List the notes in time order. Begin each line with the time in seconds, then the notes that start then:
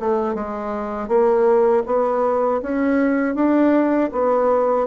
0.00 A3
0.35 G#3
1.08 A#3
1.86 B3
2.62 C#4
3.35 D4
4.12 B3